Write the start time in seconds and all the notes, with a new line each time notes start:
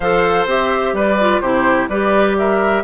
0.00 F3 A4 C5 F5
0.45 C4 G4 E5
0.92 G3 B4 D5
1.20 F4
1.40 C3 E4 G4 C5
1.89 G3 G4 B4 D5
2.37 A#4 E5